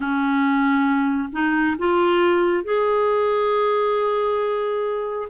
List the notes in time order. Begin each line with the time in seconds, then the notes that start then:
0.00 C#4
1.32 D#4
1.78 F4
2.64 G#4